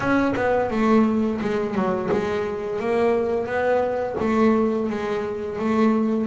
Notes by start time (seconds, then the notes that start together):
0.00 C#4
0.36 B3
0.70 A3
1.41 G#3
1.74 F#3
2.11 G#3
2.79 A#3
3.46 B3
4.19 A3
4.89 G#3
5.58 A3